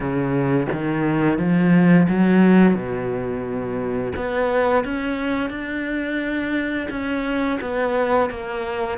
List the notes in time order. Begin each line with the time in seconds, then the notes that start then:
0.00 C#3
0.72 D#3
1.38 F3
2.08 F#3
2.75 B2
4.16 B3
4.84 C#4
5.50 D4
6.90 C#4
7.61 B3
8.29 A#3